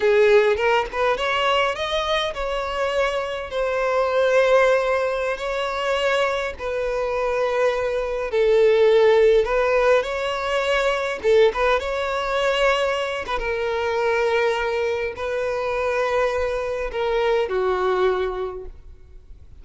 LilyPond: \new Staff \with { instrumentName = "violin" } { \time 4/4 \tempo 4 = 103 gis'4 ais'8 b'8 cis''4 dis''4 | cis''2 c''2~ | c''4~ c''16 cis''2 b'8.~ | b'2~ b'16 a'4.~ a'16~ |
a'16 b'4 cis''2 a'8 b'16~ | b'16 cis''2~ cis''8 b'16 ais'4~ | ais'2 b'2~ | b'4 ais'4 fis'2 | }